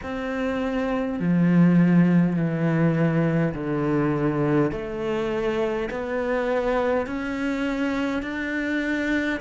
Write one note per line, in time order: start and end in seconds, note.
0.02 1.19 C4
1.19 2.35 F3
2.35 3.53 E3
3.53 4.71 D3
4.71 5.89 A3
5.90 7.06 B3
7.06 8.22 C#4
8.22 9.40 D4